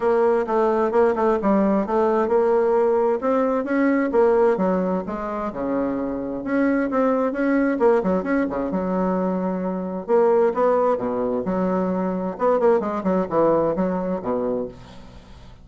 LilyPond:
\new Staff \with { instrumentName = "bassoon" } { \time 4/4 \tempo 4 = 131 ais4 a4 ais8 a8 g4 | a4 ais2 c'4 | cis'4 ais4 fis4 gis4 | cis2 cis'4 c'4 |
cis'4 ais8 fis8 cis'8 cis8 fis4~ | fis2 ais4 b4 | b,4 fis2 b8 ais8 | gis8 fis8 e4 fis4 b,4 | }